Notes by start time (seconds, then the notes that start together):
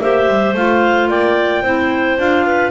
0.00 A#3 G4 C5 E5
0.28 G3
0.54 A3 F4 F5
1.08 A#3 D5 G5
1.62 C4 E4 C5
2.17 D4 F4 F5
2.46 B4